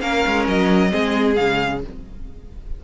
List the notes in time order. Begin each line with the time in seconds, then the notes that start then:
0.00 A#3 C#4 A#4 F5
0.26 G#3
0.48 F#3 D#5
0.91 G#3 C4 G#4
1.35 C#3 G#3 F5